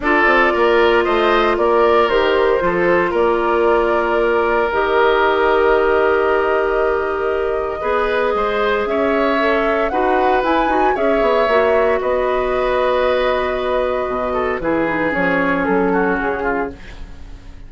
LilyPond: <<
  \new Staff \with { instrumentName = "flute" } { \time 4/4 \tempo 4 = 115 d''2 dis''4 d''4 | c''2 d''2~ | d''4 dis''2.~ | dis''1~ |
dis''4 e''2 fis''4 | gis''4 e''2 dis''4~ | dis''1 | b'4 cis''4 a'4 gis'4 | }
  \new Staff \with { instrumentName = "oboe" } { \time 4/4 a'4 ais'4 c''4 ais'4~ | ais'4 a'4 ais'2~ | ais'1~ | ais'2. b'4 |
c''4 cis''2 b'4~ | b'4 cis''2 b'4~ | b'2.~ b'8 a'8 | gis'2~ gis'8 fis'4 f'8 | }
  \new Staff \with { instrumentName = "clarinet" } { \time 4/4 f'1 | g'4 f'2.~ | f'4 g'2.~ | g'2. gis'4~ |
gis'2 a'4 fis'4 | e'8 fis'8 gis'4 fis'2~ | fis'1 | e'8 dis'8 cis'2. | }
  \new Staff \with { instrumentName = "bassoon" } { \time 4/4 d'8 c'8 ais4 a4 ais4 | dis4 f4 ais2~ | ais4 dis2.~ | dis2. b4 |
gis4 cis'2 dis'4 | e'8 dis'8 cis'8 b8 ais4 b4~ | b2. b,4 | e4 f4 fis4 cis4 | }
>>